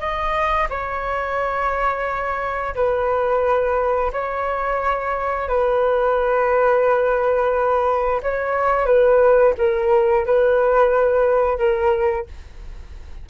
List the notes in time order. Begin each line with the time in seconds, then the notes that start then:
0.00 D#5
0.70 C#5
2.75 B4
4.13 C#5
5.49 B4
8.23 C#5
8.86 B4
9.58 A#4
10.26 B4
11.58 A#4